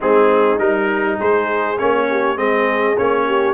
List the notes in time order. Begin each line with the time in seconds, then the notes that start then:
0.00 G#3 C4 D#4 G#4
0.58 G3 D#4 A#4
1.16 G#3 G#4 C5
1.78 A#3 C#4 C#5
2.09 G4
2.36 G#3 C4 G#4 D#5
2.97 A#3 C#4 C#5
3.26 G4